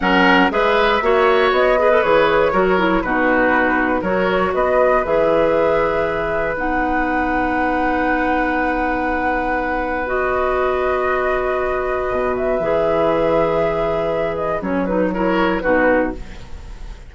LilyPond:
<<
  \new Staff \with { instrumentName = "flute" } { \time 4/4 \tempo 4 = 119 fis''4 e''2 dis''4 | cis''2 b'2 | cis''4 dis''4 e''2~ | e''4 fis''2.~ |
fis''1 | dis''1~ | dis''8 e''2.~ e''8~ | e''8 dis''8 cis''8 b'8 cis''4 b'4 | }
  \new Staff \with { instrumentName = "oboe" } { \time 4/4 ais'4 b'4 cis''4. b'8~ | b'4 ais'4 fis'2 | ais'4 b'2.~ | b'1~ |
b'1~ | b'1~ | b'1~ | b'2 ais'4 fis'4 | }
  \new Staff \with { instrumentName = "clarinet" } { \time 4/4 cis'4 gis'4 fis'4. gis'16 a'16 | gis'4 fis'8 e'8 dis'2 | fis'2 gis'2~ | gis'4 dis'2.~ |
dis'1 | fis'1~ | fis'4 gis'2.~ | gis'4 cis'8 dis'8 e'4 dis'4 | }
  \new Staff \with { instrumentName = "bassoon" } { \time 4/4 fis4 gis4 ais4 b4 | e4 fis4 b,2 | fis4 b4 e2~ | e4 b2.~ |
b1~ | b1 | b,4 e2.~ | e4 fis2 b,4 | }
>>